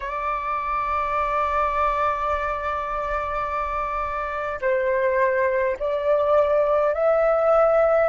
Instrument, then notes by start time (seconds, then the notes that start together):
flute
0.00 D5
4.61 C5
5.79 D5
6.93 E5